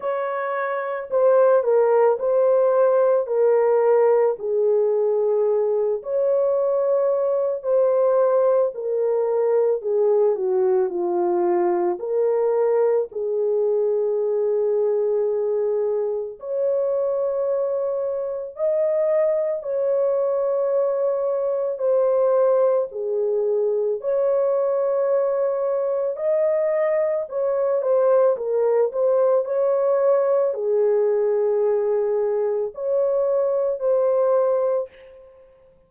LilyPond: \new Staff \with { instrumentName = "horn" } { \time 4/4 \tempo 4 = 55 cis''4 c''8 ais'8 c''4 ais'4 | gis'4. cis''4. c''4 | ais'4 gis'8 fis'8 f'4 ais'4 | gis'2. cis''4~ |
cis''4 dis''4 cis''2 | c''4 gis'4 cis''2 | dis''4 cis''8 c''8 ais'8 c''8 cis''4 | gis'2 cis''4 c''4 | }